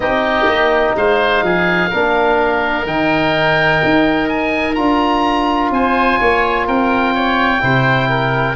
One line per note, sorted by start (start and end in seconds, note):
0.00 0.45 C4
0.00 1.90 D#4
0.00 0.96 G4
0.00 0.94 D#5
0.46 0.94 A#3
0.95 1.42 G#3
0.95 1.44 C5
0.95 2.87 F5
1.42 1.90 F3
1.42 1.90 G#4
1.90 2.86 A#3
1.90 2.86 D4
1.90 5.71 A#4
2.86 3.81 D#3
2.86 4.75 D#4
2.86 4.29 G5
3.83 4.78 D#4
4.29 4.74 G#5
4.74 5.70 D4
4.74 7.60 F4
4.74 5.69 A#5
5.70 6.18 C4
5.70 6.20 C5
5.70 6.68 G#5
6.20 6.67 A#3
6.20 6.66 C#5
6.66 7.62 C4
6.66 7.13 A#4
6.66 8.56 G5
7.14 7.62 C#5
7.60 8.56 C3
7.60 8.55 E4
7.60 8.09 C5
8.09 8.56 A#4